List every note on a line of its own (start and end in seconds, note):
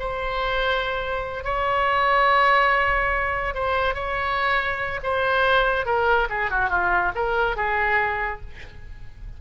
0.00 1.45 C5
1.45 3.55 C#5
3.55 3.95 C5
3.95 5.01 C#5
5.04 5.86 C5
5.86 6.29 A#4
6.30 6.51 G#4
6.51 6.70 F#4
6.70 7.12 F4
7.16 7.57 A#4
7.57 8.41 G#4